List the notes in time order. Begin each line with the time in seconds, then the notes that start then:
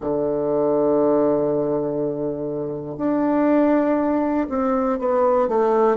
0.00 D3
2.97 D4
4.49 C4
4.99 B3
5.48 A3